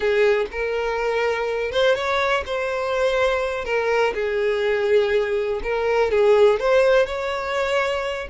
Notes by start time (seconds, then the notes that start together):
0.00 G#4
0.51 A#4
1.71 C5
1.95 C#5
2.46 C5
3.65 A#4
4.14 G#4
5.63 A#4
6.11 G#4
6.59 C5
7.06 C#5